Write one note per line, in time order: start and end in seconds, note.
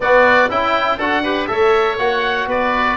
0.00 0.49 B3
0.00 0.49 F#4
0.00 0.50 D5
0.49 0.98 C#4
0.49 0.97 E4
0.49 0.99 E4
0.49 0.99 G5
0.97 1.48 D4
0.97 1.24 F#4
0.97 1.22 A4
0.97 1.47 F#5
1.23 1.47 G4
1.23 1.48 B4
1.47 1.98 A3
1.47 1.97 A4
1.47 2.47 C#5
1.47 1.96 E5
1.98 2.46 A#3
1.98 2.96 F#4
1.98 2.48 F#5
2.46 2.96 B3
2.46 2.96 B4
2.46 2.96 D5